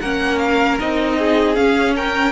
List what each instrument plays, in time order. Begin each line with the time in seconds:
0.00 cello A#3, viola C#4, violin A#4 F#5
0.38 violin F5
0.79 cello C4, viola D#4, violin D#5
1.18 violin G#4
1.55 viola C#4, cello C#4, violin F5
1.95 violin A#4 G5